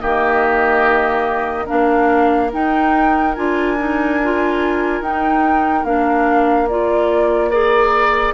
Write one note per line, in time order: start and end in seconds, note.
0.00 1.68 D#3
0.00 1.67 A#3
0.00 1.66 G4
0.00 1.67 D#5
1.66 2.54 A#3
1.66 2.51 D4
1.66 7.49 A#4
1.66 2.52 F5
2.53 3.36 D#4
2.53 3.37 D#4
2.53 3.36 G5
3.36 5.01 D4
3.36 3.78 F4
3.36 5.02 G#5
3.78 4.20 D#4
4.24 5.04 F4
5.01 5.85 D#4
5.01 5.85 G5
5.85 8.35 A#3
5.85 6.69 D4
5.85 6.69 F5
6.69 7.52 F4
6.69 7.51 D5
7.51 8.35 G#4
7.51 8.34 A#4
7.51 8.34 D5